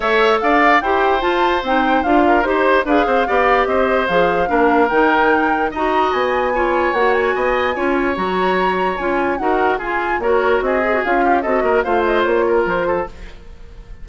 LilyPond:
<<
  \new Staff \with { instrumentName = "flute" } { \time 4/4 \tempo 4 = 147 e''4 f''4 g''4 a''4 | g''4 f''4 c''4 f''4~ | f''4 dis''4 f''2 | g''2 ais''4 gis''4~ |
gis''4 fis''8 gis''2~ gis''8 | ais''2 gis''4 fis''4 | gis''4 cis''4 dis''4 f''4 | dis''4 f''8 dis''8 cis''4 c''4 | }
  \new Staff \with { instrumentName = "oboe" } { \time 4/4 cis''4 d''4 c''2~ | c''4. ais'8 c''4 b'8 c''8 | d''4 c''2 ais'4~ | ais'2 dis''2 |
cis''2 dis''4 cis''4~ | cis''2. ais'4 | gis'4 ais'4 gis'4. g'8 | a'8 ais'8 c''4. ais'4 a'8 | }
  \new Staff \with { instrumentName = "clarinet" } { \time 4/4 a'2 g'4 f'4 | dis'4 f'4 g'4 gis'4 | g'2 gis'4 d'4 | dis'2 fis'2 |
f'4 fis'2 f'4 | fis'2 f'4 fis'4 | f'4 fis'4. gis'16 fis'16 f'4 | fis'4 f'2. | }
  \new Staff \with { instrumentName = "bassoon" } { \time 4/4 a4 d'4 e'4 f'4 | c'4 d'4 dis'4 d'8 c'8 | b4 c'4 f4 ais4 | dis2 dis'4 b4~ |
b4 ais4 b4 cis'4 | fis2 cis'4 dis'4 | f'4 ais4 c'4 cis'4 | c'8 ais8 a4 ais4 f4 | }
>>